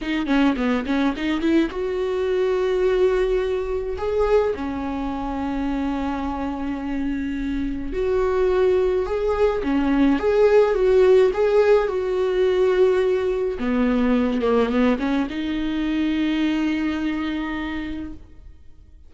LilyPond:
\new Staff \with { instrumentName = "viola" } { \time 4/4 \tempo 4 = 106 dis'8 cis'8 b8 cis'8 dis'8 e'8 fis'4~ | fis'2. gis'4 | cis'1~ | cis'2 fis'2 |
gis'4 cis'4 gis'4 fis'4 | gis'4 fis'2. | b4. ais8 b8 cis'8 dis'4~ | dis'1 | }